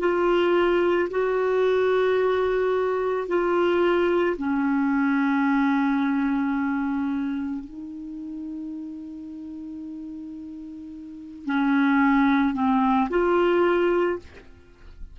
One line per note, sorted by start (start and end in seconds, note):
0.00 1.09 F4
1.11 3.28 F#4
3.28 4.37 F4
4.37 7.65 C#4
7.65 11.46 D#4
11.46 12.54 C#4
12.54 13.09 C4
13.10 14.19 F4